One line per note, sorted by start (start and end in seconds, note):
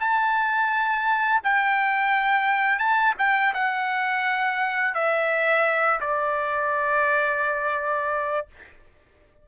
0.00 1.41 A5
1.44 2.79 G5
2.79 3.14 A5
3.18 3.54 G5
3.54 4.94 F#5
4.94 6.00 E5
6.00 8.47 D5